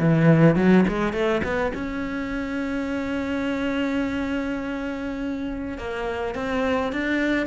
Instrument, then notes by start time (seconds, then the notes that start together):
cello
0.00 E3
0.56 F#3
0.89 G#3
1.13 A3
1.44 B3
1.75 C#4
5.78 A#3
6.35 C4
6.93 D4